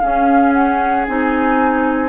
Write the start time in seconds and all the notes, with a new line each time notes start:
0.00 C#4 G#4 F5
0.54 F#5
1.07 C4 D#4 G#5